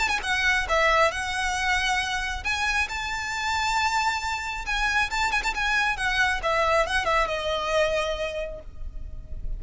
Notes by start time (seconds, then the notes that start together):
0.00 A5
0.09 G#5
0.23 F#5
0.70 E5
1.11 F#5
2.44 G#5
2.89 A5
4.66 G#5
5.11 A5
5.32 G#5
5.44 A5
5.55 G#5
5.97 F#5
6.43 E5
6.87 F#5
7.06 E5
7.28 D#5